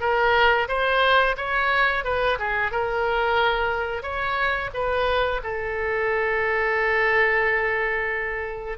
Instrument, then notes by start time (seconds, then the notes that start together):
oboe
0.00 A#4
0.68 C5
1.37 C#5
2.04 B4
2.39 G#4
2.72 A#4
4.02 C#5
4.73 B4
5.43 A4